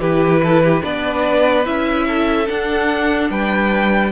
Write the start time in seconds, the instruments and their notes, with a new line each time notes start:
0.00 cello E3, viola E4, violin G4 B4
0.44 violin A4
0.64 violin G4
0.82 cello B3, viola D4, violin B4 D5
1.66 cello C#4, viola E4, violin E5
2.08 violin A4
2.47 viola D4, cello D4, violin F#5
3.31 cello G3, violin B4 G5